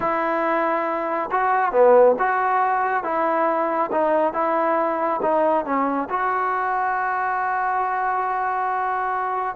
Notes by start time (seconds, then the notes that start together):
0.00 E4
1.31 F#4
1.72 B3
2.18 F#4
3.03 E4
3.91 D#4
4.33 E4
5.22 D#4
5.65 C#4
6.09 F#4